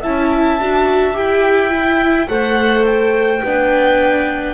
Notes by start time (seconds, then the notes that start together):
0.00 C#4 E4 E5 A5
0.60 D4 F#4
1.13 E4 G4 G5
1.70 E4
2.27 A3 A4 C5 F#5
2.86 G5
3.43 B3 D4 B4